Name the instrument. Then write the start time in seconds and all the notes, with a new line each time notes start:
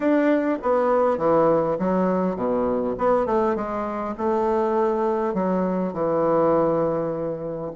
bassoon
0.00 D4
0.62 B3
1.17 E3
1.78 F#3
2.35 B2
2.98 B3
3.26 A3
3.55 G#3
4.17 A3
5.33 F#3
5.93 E3